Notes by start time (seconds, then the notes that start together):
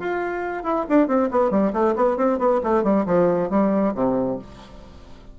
0.00 F4
0.64 E4
0.89 D4
1.08 C4
1.31 B3
1.51 G3
1.73 A3
1.96 B3
2.18 C4
2.39 B3
2.64 A3
2.84 G3
3.06 F3
3.50 G3
3.95 C3